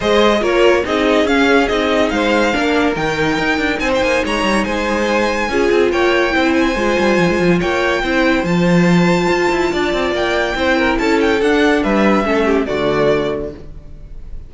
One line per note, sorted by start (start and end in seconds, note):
0.00 0.41 G#3
0.00 0.41 G#4
0.00 0.40 C5
0.00 0.43 D#5
0.41 0.83 A#3
0.41 0.83 F4
0.41 0.83 A#4
0.41 0.85 C#5
0.85 1.25 C4
0.85 1.27 D#4
0.85 2.12 G#4
0.85 1.27 D#5
1.25 1.67 C#4
1.25 1.68 C#4
1.25 1.67 F5
1.67 2.11 C4
1.67 2.52 D#4
1.67 2.09 D#5
2.09 2.53 G#3
2.09 2.54 C5
2.09 2.93 F5
2.52 2.96 A#3
2.52 2.95 D4
2.52 3.81 A#4
2.95 3.38 D#3
2.95 5.49 D#4
2.95 3.79 G5
3.38 3.57 D#4
3.57 3.79 D4
3.79 4.01 C4
3.79 4.24 C5
3.79 3.90 G#5
3.95 4.03 G5
4.01 4.22 A#3
4.01 4.24 G#5
4.24 4.43 G#3
4.24 4.64 C#5
4.24 4.64 A#5
4.43 4.64 G3
4.64 5.48 G#3
4.64 5.49 C5
4.64 5.90 G#5
5.48 5.69 C#4
5.48 6.30 F4
5.48 5.92 G#4
5.71 5.91 C4
5.91 6.33 A#3
5.91 6.33 C#5
5.91 6.53 G5
6.30 6.75 C4
6.30 6.73 E4
6.30 7.59 C5
6.53 7.59 G#5
6.75 6.96 G#3
6.75 8.04 F4
6.98 7.18 G3
7.18 7.28 F3
7.29 7.39 G#3
7.39 7.60 F3
7.59 8.03 A#3
7.59 8.01 C#5
7.59 8.44 G5
8.02 8.43 C4
8.02 8.46 E4
8.02 9.71 C5
8.43 9.28 F3
8.43 10.55 F4
8.43 10.13 A5
9.29 9.50 F4
9.51 9.72 E4
9.72 9.93 D4
9.72 10.56 D5
9.93 10.11 C4
10.11 10.54 A#3
10.11 10.98 G5
10.55 10.97 C4
10.55 11.40 E4
10.55 10.77 C5
10.77 10.99 A#4
10.98 11.41 C#4
10.98 11.83 A4
10.98 11.19 A5
11.20 11.41 G5
11.41 11.83 D4
11.41 12.24 D4
11.41 11.83 F#5
11.83 12.24 G3
11.83 12.25 B4
11.83 12.65 E5
12.24 12.67 A3
12.24 12.65 C#4
12.24 12.45 A4
12.45 12.66 G4
12.65 13.54 D3
12.65 13.50 A3
12.65 13.51 F#4
12.65 13.50 D5